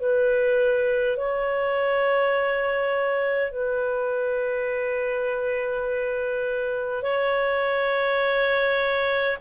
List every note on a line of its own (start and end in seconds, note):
0.00 1.17 B4
1.17 3.51 C#5
3.51 7.02 B4
7.02 9.37 C#5